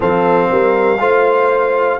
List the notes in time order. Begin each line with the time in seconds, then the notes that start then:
0.00 F3 C4 A4 F5
0.50 G3 A#4
0.99 A3 F4 C5